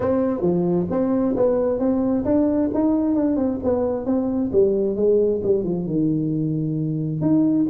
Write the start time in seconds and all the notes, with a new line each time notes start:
0.00 C4
0.41 F3
0.90 C4
1.36 B3
1.79 C4
2.24 D4
2.74 D#4
3.15 D4
3.36 C4
3.63 B3
4.05 C4
4.52 G3
4.96 G#3
5.43 G3
5.63 F3
5.86 D#3
7.21 D#4